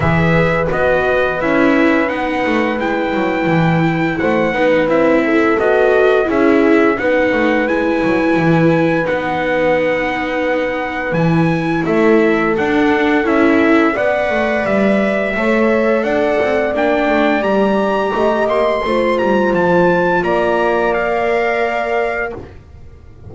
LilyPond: <<
  \new Staff \with { instrumentName = "trumpet" } { \time 4/4 \tempo 4 = 86 e''4 dis''4 e''4 fis''4 | g''2 fis''4 e''4 | dis''4 e''4 fis''4 gis''4~ | gis''4 fis''2. |
gis''4 e''4 fis''4 e''4 | fis''4 e''2 fis''4 | g''4 ais''4. c'''4 ais''8 | a''4 ais''4 f''2 | }
  \new Staff \with { instrumentName = "horn" } { \time 4/4 b'1~ | b'2 c''8 b'4 a'8~ | a'4 gis'4 b'2~ | b'1~ |
b'4 a'2. | d''2 cis''4 d''4~ | d''2 dis''4 c''4~ | c''4 d''2. | }
  \new Staff \with { instrumentName = "viola" } { \time 4/4 gis'4 fis'4 e'4 dis'4 | e'2~ e'8 dis'8 e'4 | fis'4 e'4 dis'4 e'4~ | e'4 dis'2. |
e'2 d'4 e'4 | b'2 a'2 | d'4 g'2 f'4~ | f'2 ais'2 | }
  \new Staff \with { instrumentName = "double bass" } { \time 4/4 e4 b4 cis'4 b8 a8 | gis8 fis8 e4 a8 b8 c'4 | b4 cis'4 b8 a8 gis8 fis8 | e4 b2. |
e4 a4 d'4 cis'4 | b8 a8 g4 a4 d'8 c'8 | ais8 a8 g4 a8 ais8 a8 g8 | f4 ais2. | }
>>